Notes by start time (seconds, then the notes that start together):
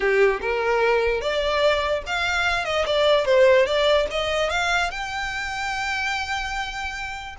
0.00 G4
0.41 A#4
1.21 D5
2.06 F5
2.64 D#5
2.86 D5
3.25 C5
3.65 D5
4.10 D#5
4.50 F5
4.90 G5